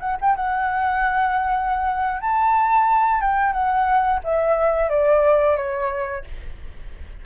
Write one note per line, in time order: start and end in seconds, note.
0.00 0.17 F#5
0.21 0.36 G5
0.36 2.21 F#5
2.21 3.21 A5
3.21 3.53 G5
3.53 4.20 F#5
4.24 4.89 E5
4.89 5.57 D5
5.57 6.24 C#5